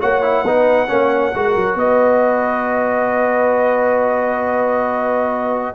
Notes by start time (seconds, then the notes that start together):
0.00 A#3 F#4 C#5 F#5
0.23 E4
0.44 B3 D#4 B4
0.88 A#3 C#4 C#5
1.34 G#3 F#4 A#4
1.56 F#3
1.75 B3 B4 D#5